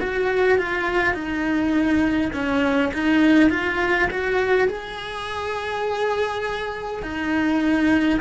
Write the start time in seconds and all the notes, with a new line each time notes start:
0.00 F#4
0.59 F4
1.14 D#4
2.34 C#4
2.94 D#4
3.50 F4
4.11 F#4
4.68 G#4
7.03 D#4